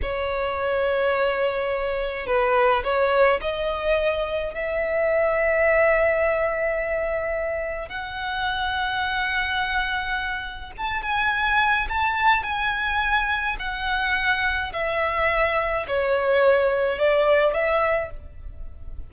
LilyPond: \new Staff \with { instrumentName = "violin" } { \time 4/4 \tempo 4 = 106 cis''1 | b'4 cis''4 dis''2 | e''1~ | e''2 fis''2~ |
fis''2. a''8 gis''8~ | gis''4 a''4 gis''2 | fis''2 e''2 | cis''2 d''4 e''4 | }